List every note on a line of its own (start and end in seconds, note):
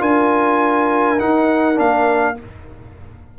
0.00 1.20 D4
0.00 1.19 F4
0.00 2.38 A#4
0.00 1.20 G#5
1.20 1.75 D#4
1.20 1.80 D#4
1.20 1.79 F#5
1.75 2.39 A#3
1.75 2.35 D4
1.75 2.39 F5